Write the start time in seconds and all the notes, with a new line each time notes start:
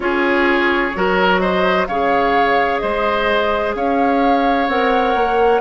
0.00 C#4 F4 G#4 C#5
0.94 F#3 F#4 A#4
1.39 C5 D#5
1.87 C#3 G#4 C#5 F5
2.79 G#3 C5 D#5
3.74 C#4 C#5 F5
4.67 C4 A#4 F#5
5.14 A#3